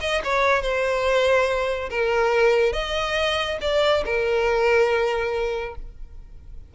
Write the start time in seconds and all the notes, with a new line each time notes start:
0.00 D#5
0.24 C#5
0.62 C5
1.90 A#4
2.73 D#5
3.61 D5
4.05 A#4